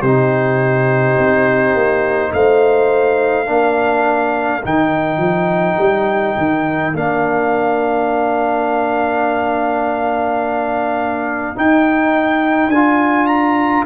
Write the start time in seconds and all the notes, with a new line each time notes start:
0.00 C3 D#4 G4 C5
1.18 C4
1.75 A#3
2.32 A3 C5 F5
3.46 A#3 D4 A#4
4.62 D#3 D#4 G5
5.17 F3
5.78 G3
6.37 D#3
6.93 A#3 D4 F5
11.55 D#4 G5
12.68 D4 G#5
12.74 F4
13.26 A#5